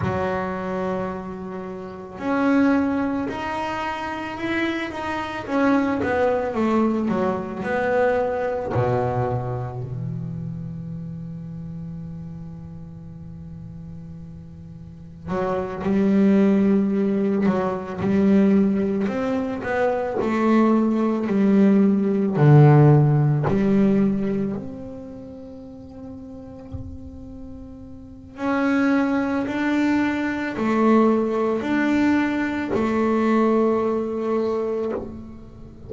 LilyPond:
\new Staff \with { instrumentName = "double bass" } { \time 4/4 \tempo 4 = 55 fis2 cis'4 dis'4 | e'8 dis'8 cis'8 b8 a8 fis8 b4 | b,4 e2.~ | e2 fis8 g4. |
fis8 g4 c'8 b8 a4 g8~ | g8 d4 g4 c'4.~ | c'2 cis'4 d'4 | a4 d'4 a2 | }